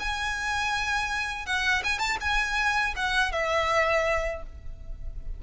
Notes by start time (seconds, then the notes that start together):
0.00 G#5
1.46 F#5
1.84 G#5
1.99 A5
2.21 G#5
2.96 F#5
3.32 E5